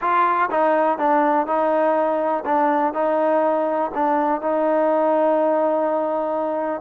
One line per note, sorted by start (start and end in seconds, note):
0.01 0.49 F4
0.50 0.98 D#4
0.98 1.46 D4
1.46 2.44 D#4
2.45 2.93 D4
2.93 3.91 D#4
3.94 4.41 D4
4.41 6.81 D#4